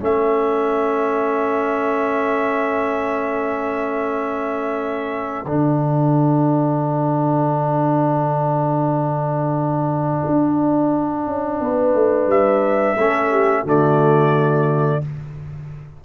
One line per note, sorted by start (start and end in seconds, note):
0.00 5.45 A3
0.00 5.45 C#4
0.00 11.62 A4
0.00 5.46 E5
5.45 10.22 D3
5.45 12.98 D4
5.45 12.28 F#5
10.26 11.26 D4
11.26 11.60 C#4
11.61 11.94 B3
11.61 12.98 B4
11.94 12.27 A3
12.27 12.95 G3
12.27 13.67 E5
12.97 13.64 A3
12.97 13.66 C#4
12.97 13.31 A4
13.31 13.63 G4
13.63 15.01 D3
13.63 15.02 A3
13.63 14.99 F#4
13.63 15.05 D5